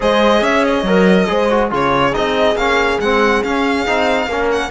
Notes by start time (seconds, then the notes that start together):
0.00 G#3 G#4 C5 D#5
0.40 C#4 C#5 E5
0.64 D#5
0.82 F#3 A#4
1.27 G#3 G#4 C5
1.50 F#4
1.70 C#3 F4 G#4 C#5
2.12 C4 D#4 D#5
2.55 A#3 C#4 F5
3.00 G#3 C4 F#5
3.43 C#4 F5
3.86 C4 D#4
4.27 A#3 C#4 A#4
4.51 F#5